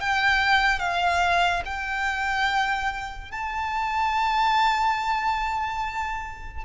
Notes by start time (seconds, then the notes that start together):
0.00 G5
0.79 F5
1.65 G5
3.31 A5